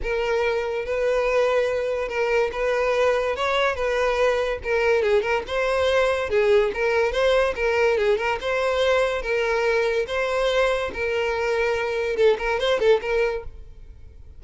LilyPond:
\new Staff \with { instrumentName = "violin" } { \time 4/4 \tempo 4 = 143 ais'2 b'2~ | b'4 ais'4 b'2 | cis''4 b'2 ais'4 | gis'8 ais'8 c''2 gis'4 |
ais'4 c''4 ais'4 gis'8 ais'8 | c''2 ais'2 | c''2 ais'2~ | ais'4 a'8 ais'8 c''8 a'8 ais'4 | }